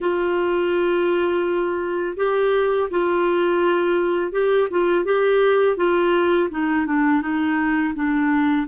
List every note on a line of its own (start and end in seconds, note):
0.00 2.17 F4
2.17 2.89 G4
2.90 4.32 F4
4.32 4.68 G4
4.70 5.04 F4
5.04 5.76 G4
5.76 6.49 F4
6.50 6.86 D#4
6.86 7.21 D4
7.21 7.94 D#4
7.95 8.67 D4